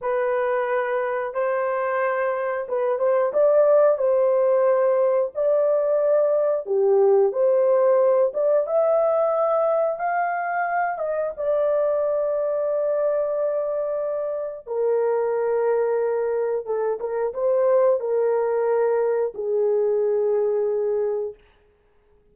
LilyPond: \new Staff \with { instrumentName = "horn" } { \time 4/4 \tempo 4 = 90 b'2 c''2 | b'8 c''8 d''4 c''2 | d''2 g'4 c''4~ | c''8 d''8 e''2 f''4~ |
f''8 dis''8 d''2.~ | d''2 ais'2~ | ais'4 a'8 ais'8 c''4 ais'4~ | ais'4 gis'2. | }